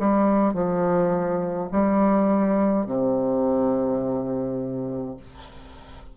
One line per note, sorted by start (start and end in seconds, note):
0.00 0.54 G3
0.54 1.69 F3
1.72 2.86 G3
2.86 5.17 C3